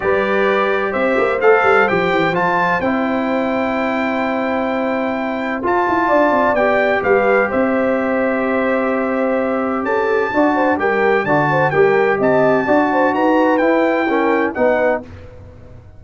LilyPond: <<
  \new Staff \with { instrumentName = "trumpet" } { \time 4/4 \tempo 4 = 128 d''2 e''4 f''4 | g''4 a''4 g''2~ | g''1 | a''2 g''4 f''4 |
e''1~ | e''4 a''2 g''4 | a''4 g''4 a''2 | ais''4 g''2 fis''4 | }
  \new Staff \with { instrumentName = "horn" } { \time 4/4 b'2 c''2~ | c''1~ | c''1~ | c''4 d''2 b'4 |
c''1~ | c''4 a'4 d''8 c''8 ais'4 | d''8 c''8 ais'4 dis''4 d''8 c''8 | b'2 ais'4 b'4 | }
  \new Staff \with { instrumentName = "trombone" } { \time 4/4 g'2. a'4 | g'4 f'4 e'2~ | e'1 | f'2 g'2~ |
g'1~ | g'2 fis'4 g'4 | fis'4 g'2 fis'4~ | fis'4 e'4 cis'4 dis'4 | }
  \new Staff \with { instrumentName = "tuba" } { \time 4/4 g2 c'8 ais8 a8 g8 | f8 e8 f4 c'2~ | c'1 | f'8 e'8 d'8 c'8 b4 g4 |
c'1~ | c'4 cis'4 d'4 g4 | d4 g4 c'4 d'4 | dis'4 e'2 b4 | }
>>